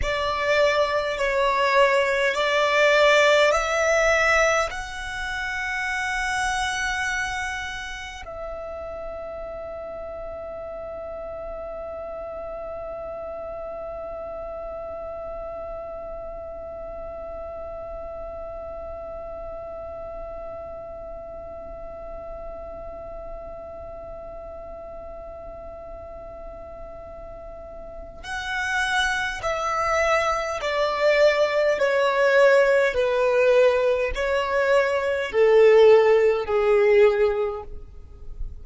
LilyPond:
\new Staff \with { instrumentName = "violin" } { \time 4/4 \tempo 4 = 51 d''4 cis''4 d''4 e''4 | fis''2. e''4~ | e''1~ | e''1~ |
e''1~ | e''1 | fis''4 e''4 d''4 cis''4 | b'4 cis''4 a'4 gis'4 | }